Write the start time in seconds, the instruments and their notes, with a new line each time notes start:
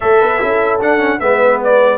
0.00 tuba A3, trombone A4, horn C#5, trumpet E5
0.20 tuba B3, horn B4
0.39 tuba C#4, trombone E4, horn A4
0.80 trombone D4, tuba D4, trumpet F#5
0.98 trombone C#4
1.19 tuba G#3, trombone B3, horn B4, trumpet E5
1.63 trumpet D5